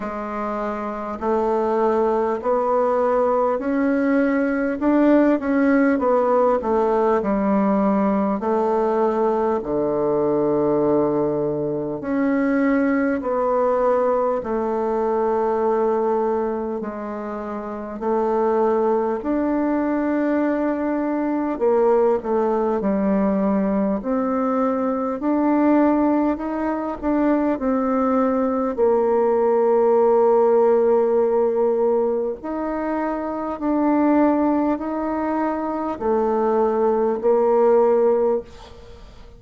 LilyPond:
\new Staff \with { instrumentName = "bassoon" } { \time 4/4 \tempo 4 = 50 gis4 a4 b4 cis'4 | d'8 cis'8 b8 a8 g4 a4 | d2 cis'4 b4 | a2 gis4 a4 |
d'2 ais8 a8 g4 | c'4 d'4 dis'8 d'8 c'4 | ais2. dis'4 | d'4 dis'4 a4 ais4 | }